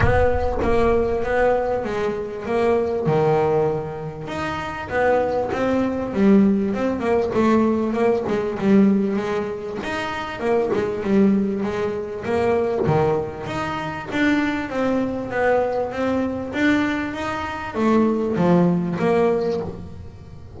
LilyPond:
\new Staff \with { instrumentName = "double bass" } { \time 4/4 \tempo 4 = 98 b4 ais4 b4 gis4 | ais4 dis2 dis'4 | b4 c'4 g4 c'8 ais8 | a4 ais8 gis8 g4 gis4 |
dis'4 ais8 gis8 g4 gis4 | ais4 dis4 dis'4 d'4 | c'4 b4 c'4 d'4 | dis'4 a4 f4 ais4 | }